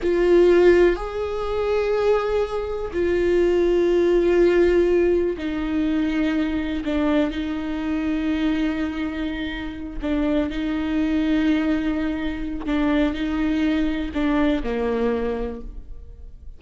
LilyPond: \new Staff \with { instrumentName = "viola" } { \time 4/4 \tempo 4 = 123 f'2 gis'2~ | gis'2 f'2~ | f'2. dis'4~ | dis'2 d'4 dis'4~ |
dis'1~ | dis'8 d'4 dis'2~ dis'8~ | dis'2 d'4 dis'4~ | dis'4 d'4 ais2 | }